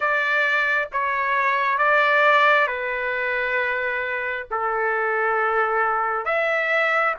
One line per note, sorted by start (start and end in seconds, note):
0.00 0.88 D5
0.92 1.77 C#5
1.77 2.67 D5
2.67 4.46 B4
4.50 6.24 A4
6.24 7.14 E5